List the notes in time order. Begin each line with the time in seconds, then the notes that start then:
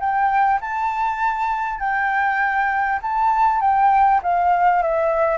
0.00 G5
0.61 A5
1.79 G5
3.02 A5
3.61 G5
4.22 F5
4.82 E5